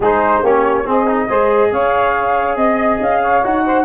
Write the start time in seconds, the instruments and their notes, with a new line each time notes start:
0.00 tuba G#3, trombone D#4, saxophone G#4, flute C5
0.40 tuba A#3, trombone C#4, saxophone G4, flute C#5
0.84 trombone C4, tuba C4, saxophone G#4, flute D#5
1.07 trombone D#4
1.28 tuba G#3, trombone G#4, saxophone C5
1.72 tuba C#4, saxophone C#5, flute F5
2.56 tuba C4, flute D#5, saxophone D#5
3.00 tuba C#4, flute F5
3.21 saxophone C#5
3.43 tuba D#4, trombone F#4, flute F#5
3.65 saxophone C5